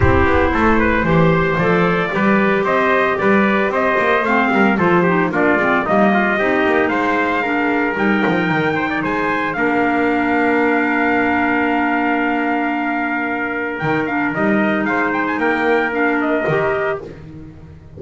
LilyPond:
<<
  \new Staff \with { instrumentName = "trumpet" } { \time 4/4 \tempo 4 = 113 c''2. d''4~ | d''4 dis''4 d''4 dis''4 | f''4 c''4 d''4 dis''4~ | dis''4 f''2 g''4~ |
g''4 gis''4 f''2~ | f''1~ | f''2 g''8 f''8 dis''4 | f''8 g''16 gis''16 g''4 f''8 dis''4. | }
  \new Staff \with { instrumentName = "trumpet" } { \time 4/4 g'4 a'8 b'8 c''2 | b'4 c''4 b'4 c''4~ | c''8 ais'8 a'8 g'8 f'4 dis'8 f'8 | g'4 c''4 ais'2~ |
ais'8 c''16 d''16 c''4 ais'2~ | ais'1~ | ais'1 | c''4 ais'2. | }
  \new Staff \with { instrumentName = "clarinet" } { \time 4/4 e'2 g'4 a'4 | g'1 | c'4 f'8 dis'8 d'8 c'8 ais4 | dis'2 d'4 dis'4~ |
dis'2 d'2~ | d'1~ | d'2 dis'8 d'8 dis'4~ | dis'2 d'4 g'4 | }
  \new Staff \with { instrumentName = "double bass" } { \time 4/4 c'8 b8 a4 e4 f4 | g4 c'4 g4 c'8 ais8 | a8 g8 f4 ais8 gis8 g4 | c'8 ais8 gis2 g8 f8 |
dis4 gis4 ais2~ | ais1~ | ais2 dis4 g4 | gis4 ais2 dis4 | }
>>